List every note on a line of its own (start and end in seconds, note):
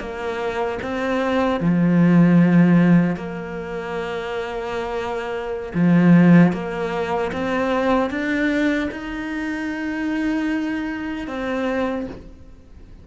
0.00 0.79 A#3
0.82 1.60 C4
1.60 3.16 F3
3.16 5.73 A#3
5.74 6.52 F3
6.52 7.31 A#3
7.32 8.10 C4
8.10 8.89 D4
8.91 11.28 D#4
11.28 12.06 C4